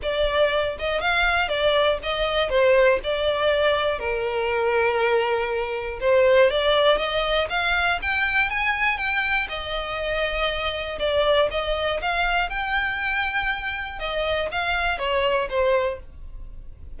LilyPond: \new Staff \with { instrumentName = "violin" } { \time 4/4 \tempo 4 = 120 d''4. dis''8 f''4 d''4 | dis''4 c''4 d''2 | ais'1 | c''4 d''4 dis''4 f''4 |
g''4 gis''4 g''4 dis''4~ | dis''2 d''4 dis''4 | f''4 g''2. | dis''4 f''4 cis''4 c''4 | }